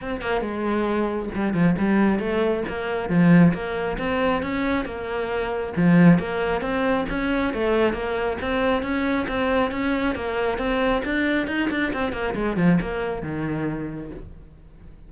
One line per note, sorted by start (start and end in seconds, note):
0.01 0.21 C4
0.21 0.41 A#3
0.41 1.29 G#3
1.35 1.53 G3
1.53 1.75 F3
1.78 2.19 G3
2.19 2.63 A3
2.68 3.09 A#3
3.09 3.53 F3
3.53 3.97 A#3
3.98 4.42 C4
4.42 4.85 C#4
4.85 5.73 A#3
5.76 6.18 F3
6.18 6.61 A#3
6.61 7.05 C4
7.09 7.53 C#4
7.53 7.93 A3
7.93 8.37 A#3
8.41 8.82 C4
8.82 9.26 C#4
9.28 9.71 C4
9.71 10.15 C#4
10.15 10.58 A#3
10.58 11.02 C4
11.04 11.47 D4
11.47 11.69 D#4
11.70 11.92 D4
11.93 12.12 C4
12.12 12.34 A#3
12.34 12.57 G#3
12.57 12.79 F3
12.81 13.22 A#3
13.22 14.10 D#3